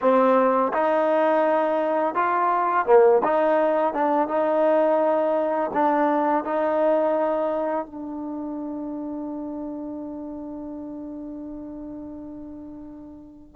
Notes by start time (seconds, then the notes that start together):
0.01 C4
0.73 D#4
2.15 F4
2.86 A#3
3.23 D#4
3.93 D4
4.28 D#4
5.73 D4
6.44 D#4
7.86 D4